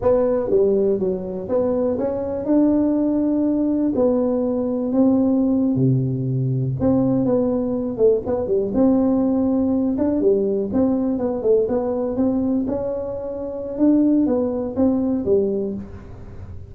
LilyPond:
\new Staff \with { instrumentName = "tuba" } { \time 4/4 \tempo 4 = 122 b4 g4 fis4 b4 | cis'4 d'2. | b2 c'4.~ c'16 c16~ | c4.~ c16 c'4 b4~ b16~ |
b16 a8 b8 g8 c'2~ c'16~ | c'16 d'8 g4 c'4 b8 a8 b16~ | b8. c'4 cis'2~ cis'16 | d'4 b4 c'4 g4 | }